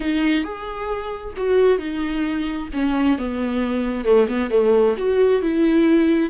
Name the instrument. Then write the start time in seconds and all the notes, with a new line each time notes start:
viola
0.00 D#4
0.43 G#4
1.37 F#4
1.78 D#4
2.73 C#4
3.18 B3
4.04 A3
4.28 B3
4.50 A3
4.97 F#4
5.42 E4